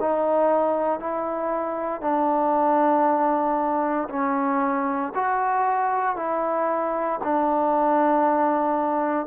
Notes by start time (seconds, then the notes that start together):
0.00 D#4
1.00 E4
2.01 D4
4.10 C#4
5.15 F#4
6.16 E4
7.24 D4